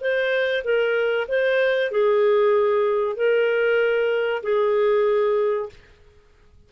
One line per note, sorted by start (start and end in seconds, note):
0.00 0.63 C5
0.64 1.27 A#4
1.28 1.91 C5
1.91 3.16 G#4
3.16 4.42 A#4
4.43 5.69 G#4